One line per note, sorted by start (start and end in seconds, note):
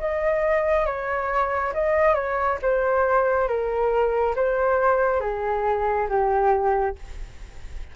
0.00 0.86 D#5
0.86 1.73 C#5
1.74 2.15 D#5
2.15 2.58 C#5
2.62 3.48 C5
3.48 4.35 A#4
4.36 5.21 C5
5.21 6.08 G#4
6.09 6.96 G4